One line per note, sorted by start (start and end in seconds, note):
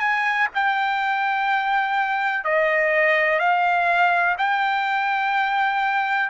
0.00 0.48 G#5
0.55 2.45 G5
2.45 3.40 D#5
3.40 4.36 F5
4.38 6.30 G5